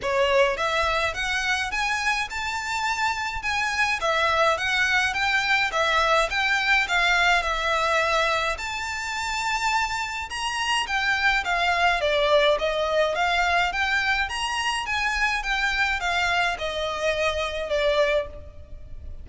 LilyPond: \new Staff \with { instrumentName = "violin" } { \time 4/4 \tempo 4 = 105 cis''4 e''4 fis''4 gis''4 | a''2 gis''4 e''4 | fis''4 g''4 e''4 g''4 | f''4 e''2 a''4~ |
a''2 ais''4 g''4 | f''4 d''4 dis''4 f''4 | g''4 ais''4 gis''4 g''4 | f''4 dis''2 d''4 | }